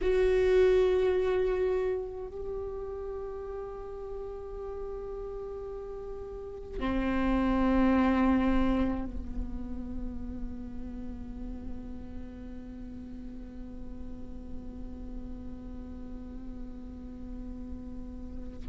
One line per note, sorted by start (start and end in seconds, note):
0.01 2.27 F#4
2.27 6.79 G4
6.79 9.05 C4
9.05 18.67 B3